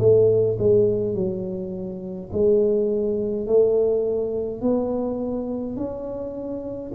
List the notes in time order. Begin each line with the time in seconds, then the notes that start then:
0.00 A3
0.59 G#3
1.15 F#3
2.33 G#3
3.47 A3
4.62 B3
5.77 C#4